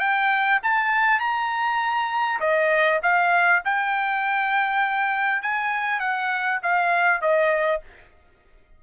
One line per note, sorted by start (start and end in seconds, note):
0.00 0.60 G5
0.63 1.20 A5
1.20 2.40 A#5
2.40 3.00 D#5
3.03 3.63 F5
3.65 5.43 G5
5.43 6.00 G#5
6.00 6.60 F#5
6.63 7.22 F5
7.22 7.82 D#5